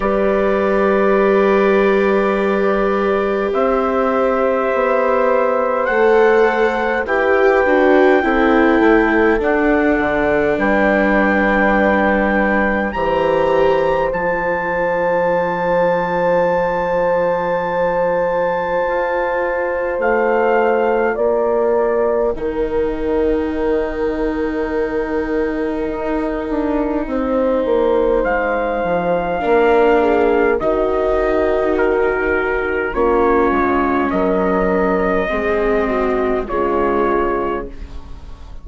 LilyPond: <<
  \new Staff \with { instrumentName = "trumpet" } { \time 4/4 \tempo 4 = 51 d''2. e''4~ | e''4 fis''4 g''2 | fis''4 g''2 ais''4 | a''1~ |
a''4 f''4 g''2~ | g''1 | f''2 dis''4 ais'4 | cis''4 dis''2 cis''4 | }
  \new Staff \with { instrumentName = "horn" } { \time 4/4 b'2. c''4~ | c''2 b'4 a'4~ | a'4 b'2 c''4~ | c''1~ |
c''2 d''4 ais'4~ | ais'2. c''4~ | c''4 ais'8 gis'8 fis'2 | f'4 ais'4 gis'8 fis'8 f'4 | }
  \new Staff \with { instrumentName = "viola" } { \time 4/4 g'1~ | g'4 a'4 g'8 fis'8 e'4 | d'2. g'4 | f'1~ |
f'2. dis'4~ | dis'1~ | dis'4 d'4 dis'2 | cis'2 c'4 gis4 | }
  \new Staff \with { instrumentName = "bassoon" } { \time 4/4 g2. c'4 | b4 a4 e'8 d'8 c'8 a8 | d'8 d8 g2 e4 | f1 |
f'4 a4 ais4 dis4~ | dis2 dis'8 d'8 c'8 ais8 | gis8 f8 ais4 dis2 | ais8 gis8 fis4 gis4 cis4 | }
>>